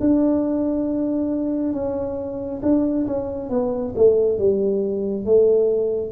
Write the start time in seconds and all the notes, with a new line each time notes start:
0.00 D4
1.73 C#4
2.62 D4
3.07 C#4
3.50 B3
3.96 A3
4.39 G3
5.25 A3